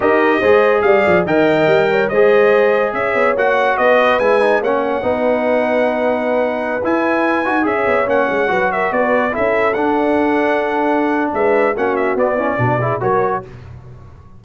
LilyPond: <<
  \new Staff \with { instrumentName = "trumpet" } { \time 4/4 \tempo 4 = 143 dis''2 f''4 g''4~ | g''4 dis''2 e''4 | fis''4 dis''4 gis''4 fis''4~ | fis''1~ |
fis''16 gis''2 e''4 fis''8.~ | fis''8. e''8 d''4 e''4 fis''8.~ | fis''2. e''4 | fis''8 e''8 d''2 cis''4 | }
  \new Staff \with { instrumentName = "horn" } { \time 4/4 ais'4 c''4 d''4 dis''4~ | dis''8 cis''8 c''2 cis''4~ | cis''4 b'2 cis''4 | b'1~ |
b'2~ b'16 cis''4.~ cis''16~ | cis''16 b'8 ais'8 b'4 a'4.~ a'16~ | a'2. b'4 | fis'4. e'8 fis'8 gis'8 ais'4 | }
  \new Staff \with { instrumentName = "trombone" } { \time 4/4 g'4 gis'2 ais'4~ | ais'4 gis'2. | fis'2 e'8 dis'8 cis'4 | dis'1~ |
dis'16 e'4. fis'8 gis'4 cis'8.~ | cis'16 fis'2 e'4 d'8.~ | d'1 | cis'4 b8 cis'8 d'8 e'8 fis'4 | }
  \new Staff \with { instrumentName = "tuba" } { \time 4/4 dis'4 gis4 g8 f8 dis4 | g4 gis2 cis'8 b8 | ais4 b4 gis4 ais4 | b1~ |
b16 e'4. dis'8 cis'8 b8 ais8 gis16~ | gis16 fis4 b4 cis'4 d'8.~ | d'2. gis4 | ais4 b4 b,4 fis4 | }
>>